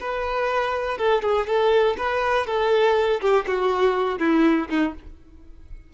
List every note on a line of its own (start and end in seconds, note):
0.00 0.98 B4
0.98 1.22 A4
1.22 1.47 G#4
1.47 1.96 A4
1.97 2.46 B4
2.46 3.20 A4
3.21 3.45 G4
3.47 4.19 F#4
4.19 4.68 E4
4.69 4.94 D#4